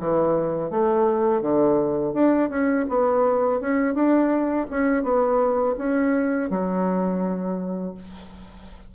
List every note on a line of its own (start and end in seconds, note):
0.00 0.70 E3
0.70 1.41 A3
1.41 2.13 D3
2.13 2.49 D4
2.49 2.86 C#4
2.89 3.60 B3
3.60 3.94 C#4
3.94 4.67 D4
4.70 5.03 C#4
5.03 5.75 B3
5.78 6.50 C#4
6.50 7.95 F#3